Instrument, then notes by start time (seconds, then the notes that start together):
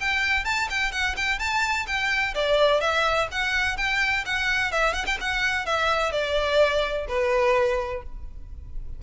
violin
0.00 G5
0.44 A5
0.69 G5
0.91 F#5
1.16 G5
1.39 A5
1.86 G5
2.34 D5
2.80 E5
3.31 F#5
3.77 G5
4.25 F#5
4.72 E5
4.93 F#5
5.06 G5
5.20 F#5
5.65 E5
6.11 D5
7.08 B4